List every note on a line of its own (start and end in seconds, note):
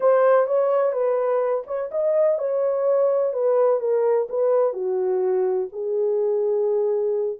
0.00 0.46 C5
0.46 0.92 C#5
0.92 1.63 B4
1.66 1.90 C#5
1.91 2.38 D#5
2.38 3.33 C#5
3.33 3.80 B4
3.80 4.27 A#4
4.29 4.73 B4
4.73 5.68 F#4
5.72 7.39 G#4